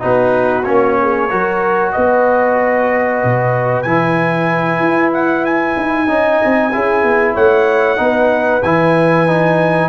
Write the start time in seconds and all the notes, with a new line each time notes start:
0.00 B3 D#4 F#4 B4
0.64 A#3 C#4 C#5
1.03 G#4
1.31 F#3 F#4 A#4
1.92 B3 B4 D#5
3.24 B2
3.83 E3 E4 G#5
4.80 E4
5.13 F#5
5.45 G#5
5.77 D#4
6.08 C#4 D#4 D#5
6.45 C4
6.73 C#4 E4 G#4
7.04 B3
7.35 A3 C#5 F#5
7.97 B3 D#4 B4
8.63 E3 E4 G#5
9.28 D#4